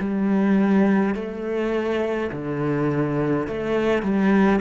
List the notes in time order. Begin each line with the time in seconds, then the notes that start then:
0.00 G3
1.15 A3
2.32 D3
3.48 A3
4.03 G3